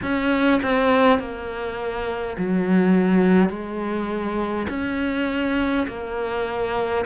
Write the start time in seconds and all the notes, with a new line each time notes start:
0.02 C#4
0.62 C4
1.19 A#3
2.38 F#3
3.49 G#3
4.69 C#4
5.87 A#3